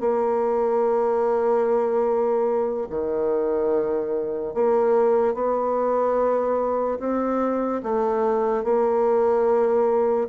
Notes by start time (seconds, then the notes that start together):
0.00 A#3
2.90 D#3
4.54 A#3
5.34 B3
7.00 C4
7.83 A3
8.64 A#3